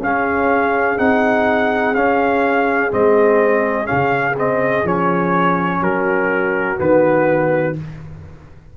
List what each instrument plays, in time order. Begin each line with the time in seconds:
0.00 tuba C#4, trombone C#4, horn G#4, trumpet F5
0.98 tuba C4, trombone D#4, trumpet F#5
1.95 tuba C#4, trombone C#4, trumpet F5
2.91 tuba G#3, trombone C4, trumpet D#5
3.85 trombone C#4, trumpet F5
3.92 tuba C#3
4.38 trombone C4, trumpet D#5
4.84 tuba F3, trombone C#4, trumpet C#5
5.80 tuba F#3, horn F#4, trumpet A#4
6.76 tuba D#3, trombone B3, trumpet B4